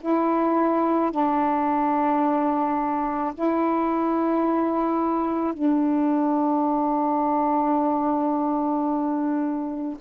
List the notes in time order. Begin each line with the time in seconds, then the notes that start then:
0.00 E4
1.11 D4
3.34 E4
5.53 D4